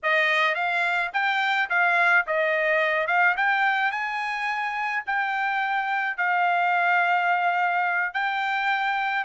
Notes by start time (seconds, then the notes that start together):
0.02 D#5
0.54 F5
1.13 G5
1.69 F5
2.26 D#5
3.07 F5
3.36 G5
3.91 G#5
5.06 G5
6.17 F5
8.13 G5